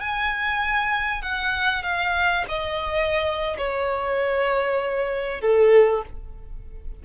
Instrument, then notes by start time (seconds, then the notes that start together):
violin
0.00 G#5
1.22 F#5
1.83 F5
2.49 D#5
3.58 C#5
5.41 A4